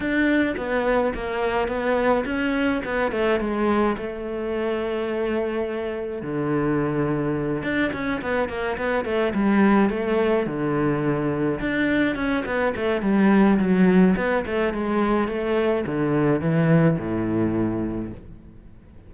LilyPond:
\new Staff \with { instrumentName = "cello" } { \time 4/4 \tempo 4 = 106 d'4 b4 ais4 b4 | cis'4 b8 a8 gis4 a4~ | a2. d4~ | d4. d'8 cis'8 b8 ais8 b8 |
a8 g4 a4 d4.~ | d8 d'4 cis'8 b8 a8 g4 | fis4 b8 a8 gis4 a4 | d4 e4 a,2 | }